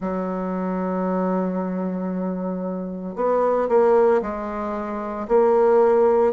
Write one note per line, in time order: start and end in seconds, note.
0.00 3.15 F#3
3.15 3.68 B3
3.68 4.21 A#3
4.22 5.27 G#3
5.27 6.33 A#3